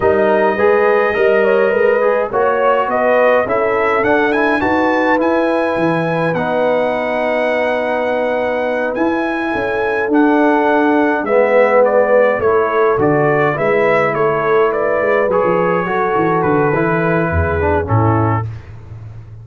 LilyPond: <<
  \new Staff \with { instrumentName = "trumpet" } { \time 4/4 \tempo 4 = 104 dis''1 | cis''4 dis''4 e''4 fis''8 gis''8 | a''4 gis''2 fis''4~ | fis''2.~ fis''8 gis''8~ |
gis''4. fis''2 e''8~ | e''8 d''4 cis''4 d''4 e''8~ | e''8 cis''4 d''4 cis''4.~ | cis''8 b'2~ b'8 a'4 | }
  \new Staff \with { instrumentName = "horn" } { \time 4/4 ais'4 b'4 dis''8 cis''8 b'4 | cis''4 b'4 a'2 | b'1~ | b'1~ |
b'8 a'2. b'8~ | b'4. a'2 b'8~ | b'8 a'4 b'2 a'8~ | a'2 gis'4 e'4 | }
  \new Staff \with { instrumentName = "trombone" } { \time 4/4 dis'4 gis'4 ais'4. gis'8 | fis'2 e'4 d'8 e'8 | fis'4 e'2 dis'4~ | dis'2.~ dis'8 e'8~ |
e'4. d'2 b8~ | b4. e'4 fis'4 e'8~ | e'2~ e'8 gis'4 fis'8~ | fis'4 e'4. d'8 cis'4 | }
  \new Staff \with { instrumentName = "tuba" } { \time 4/4 g4 gis4 g4 gis4 | ais4 b4 cis'4 d'4 | dis'4 e'4 e4 b4~ | b2.~ b8 e'8~ |
e'8 cis'4 d'2 gis8~ | gis4. a4 d4 gis8~ | gis8 a4. gis8 fis16 f8. fis8 | e8 d8 e4 e,4 a,4 | }
>>